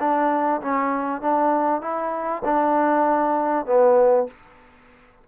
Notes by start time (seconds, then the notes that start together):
0.00 D4
0.62 C#4
1.21 D4
1.81 E4
2.45 D4
3.66 B3